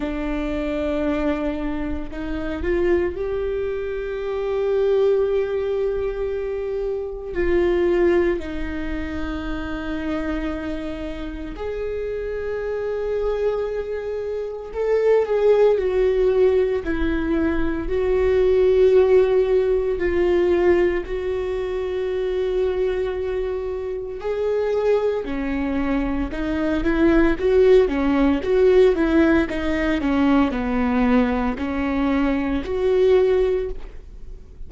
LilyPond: \new Staff \with { instrumentName = "viola" } { \time 4/4 \tempo 4 = 57 d'2 dis'8 f'8 g'4~ | g'2. f'4 | dis'2. gis'4~ | gis'2 a'8 gis'8 fis'4 |
e'4 fis'2 f'4 | fis'2. gis'4 | cis'4 dis'8 e'8 fis'8 cis'8 fis'8 e'8 | dis'8 cis'8 b4 cis'4 fis'4 | }